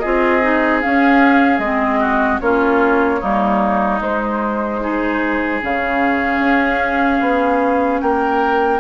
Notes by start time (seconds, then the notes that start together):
0.00 C4 F4 G#4 D#5
0.42 D#4
0.82 C#4 F5
1.59 G#3 C4 D#5
2.00 F#4
2.41 A#3 C#4 F4 C#5
3.21 G3 A#3 D#4
4.01 G#3 C5
4.81 D#4 G#4
5.62 C#3 C#4 F5
6.40 C#4
7.21 B3
8.01 A#3 A#4 G5